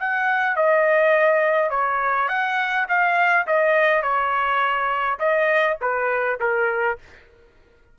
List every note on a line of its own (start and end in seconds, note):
0.00 0.57 F#5
0.57 1.71 D#5
1.71 2.29 C#5
2.29 2.87 F#5
2.89 3.47 F5
3.47 4.03 D#5
4.03 5.19 C#5
5.20 5.78 D#5
5.81 6.40 B4
6.41 6.99 A#4